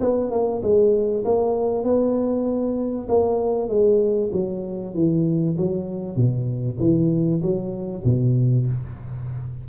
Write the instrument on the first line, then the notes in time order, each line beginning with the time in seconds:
tuba
0.00 B3
0.30 A#3
0.62 G#3
1.24 A#3
1.84 B3
3.08 A#3
3.69 G#3
4.32 F#3
4.94 E3
5.57 F#3
6.16 B2
6.79 E3
7.42 F#3
8.04 B2